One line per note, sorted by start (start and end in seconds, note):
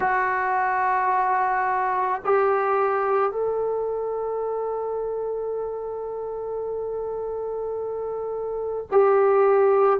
0.00 2.21 F#4
2.24 3.31 G4
3.31 8.86 A4
8.91 9.99 G4